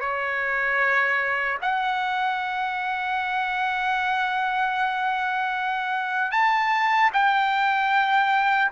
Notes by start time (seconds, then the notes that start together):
0.00 C#5
1.61 F#5
6.31 A5
7.13 G5